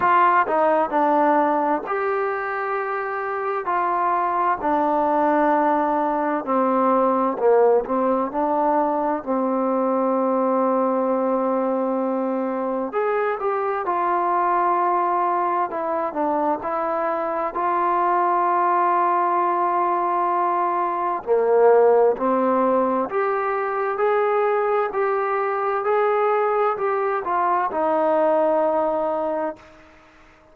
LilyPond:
\new Staff \with { instrumentName = "trombone" } { \time 4/4 \tempo 4 = 65 f'8 dis'8 d'4 g'2 | f'4 d'2 c'4 | ais8 c'8 d'4 c'2~ | c'2 gis'8 g'8 f'4~ |
f'4 e'8 d'8 e'4 f'4~ | f'2. ais4 | c'4 g'4 gis'4 g'4 | gis'4 g'8 f'8 dis'2 | }